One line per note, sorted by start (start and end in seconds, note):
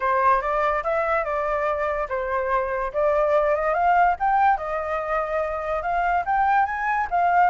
0.00 0.41 C5
0.41 0.83 D5
0.83 1.24 E5
1.24 2.07 D5
2.08 2.92 C5
2.93 3.55 D5
3.55 3.74 D#5
3.74 4.15 F5
4.19 4.57 G5
4.57 5.82 D#5
5.82 6.24 F5
6.25 6.65 G5
6.65 7.07 G#5
7.10 7.50 F5